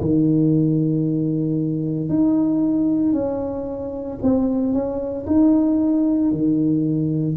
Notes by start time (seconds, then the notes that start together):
0.00 D#3
2.09 D#4
3.12 C#4
4.22 C4
4.73 C#4
5.26 D#4
6.31 D#3